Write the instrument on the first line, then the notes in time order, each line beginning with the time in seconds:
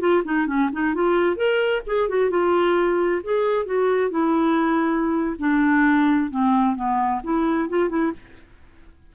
clarinet
0.00 F4
0.24 D#4
0.47 C#4
0.72 D#4
0.95 F4
1.36 A#4
1.87 G#4
2.09 F#4
2.30 F4
3.24 G#4
3.66 F#4
4.11 E4
5.39 D4
6.30 C4
6.75 B3
7.23 E4
7.69 F4
7.89 E4